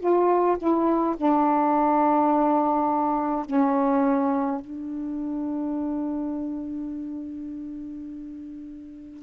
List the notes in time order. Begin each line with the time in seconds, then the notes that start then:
0.00 F4
0.58 E4
1.17 D4
3.46 C#4
4.62 D4